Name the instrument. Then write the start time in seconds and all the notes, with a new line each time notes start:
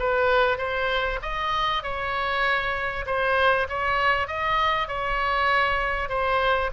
oboe
0.00 B4
0.58 C5
1.23 D#5
1.84 C#5
3.07 C5
3.70 C#5
4.28 D#5
4.88 C#5
6.09 C5